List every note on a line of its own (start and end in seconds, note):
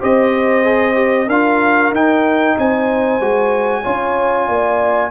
0.00 1.28 C4
0.00 0.65 G4
0.00 1.28 C5
0.00 1.29 D#5
0.65 0.95 G#4
0.95 1.27 G4
1.28 1.91 D4
1.28 1.94 F4
1.28 2.55 A#4
1.28 1.93 F5
1.91 2.55 D#4
1.91 3.21 D#4
1.91 2.59 G5
2.58 3.21 C4
2.58 3.82 C5
2.58 5.11 G#5
3.21 3.85 G#3
3.21 3.84 F#4
3.82 4.49 C#4
3.82 5.11 F4
3.82 4.46 C#5
4.47 5.11 A#3
4.47 5.11 D5